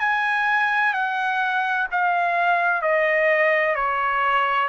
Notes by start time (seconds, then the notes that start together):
0.00 G#5
0.94 F#5
1.92 F5
2.82 D#5
3.76 C#5